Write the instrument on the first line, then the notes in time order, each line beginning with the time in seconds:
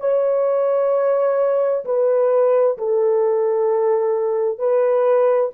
horn
0.00 C#5
1.85 B4
2.78 A4
4.59 B4